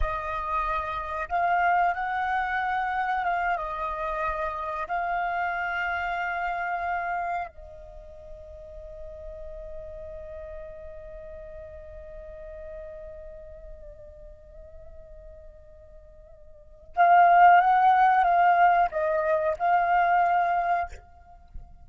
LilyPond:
\new Staff \with { instrumentName = "flute" } { \time 4/4 \tempo 4 = 92 dis''2 f''4 fis''4~ | fis''4 f''8 dis''2 f''8~ | f''2.~ f''8 dis''8~ | dis''1~ |
dis''1~ | dis''1~ | dis''2 f''4 fis''4 | f''4 dis''4 f''2 | }